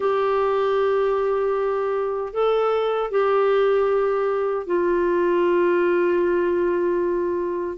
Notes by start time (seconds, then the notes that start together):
0.00 G4
2.33 A4
3.10 G4
4.66 F4